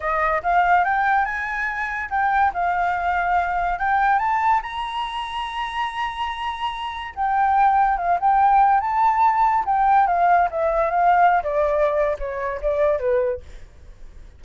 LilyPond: \new Staff \with { instrumentName = "flute" } { \time 4/4 \tempo 4 = 143 dis''4 f''4 g''4 gis''4~ | gis''4 g''4 f''2~ | f''4 g''4 a''4 ais''4~ | ais''1~ |
ais''4 g''2 f''8 g''8~ | g''4 a''2 g''4 | f''4 e''4 f''4~ f''16 d''8.~ | d''4 cis''4 d''4 b'4 | }